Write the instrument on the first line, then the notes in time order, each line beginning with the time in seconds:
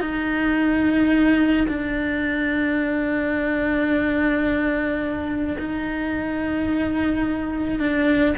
cello
0.00 D#4
1.67 D4
5.58 D#4
7.79 D4